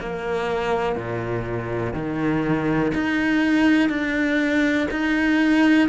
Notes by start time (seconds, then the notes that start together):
0.00 A#3
0.96 A#2
1.94 D#3
2.95 D#4
3.89 D4
4.91 D#4